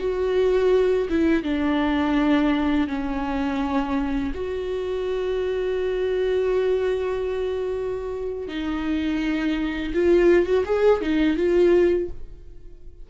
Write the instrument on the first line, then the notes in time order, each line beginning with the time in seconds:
viola
0.00 F#4
1.10 E4
1.44 D4
2.88 C#4
4.35 F#4
8.49 D#4
9.94 F4
10.47 F#4
10.66 G#4
11.02 D#4
11.37 F4